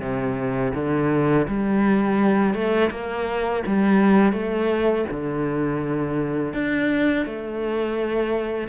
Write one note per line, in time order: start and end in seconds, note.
0.00 0.72 C3
0.74 1.47 D3
1.48 2.54 G3
2.54 2.90 A3
2.90 3.63 A#3
3.66 4.32 G3
4.32 5.05 A3
5.10 6.53 D3
6.53 7.26 D4
7.26 8.68 A3